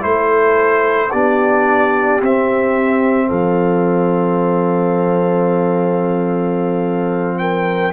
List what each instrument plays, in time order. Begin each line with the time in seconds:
0.00 tuba A3, trombone E4, horn A4, trumpet C5
1.11 tuba B3, trombone D4, horn G4, trumpet D5
2.21 tuba C4, trombone C4, trumpet E5
3.28 tuba F3, horn A4, trumpet F5
7.39 horn A#4, trumpet G5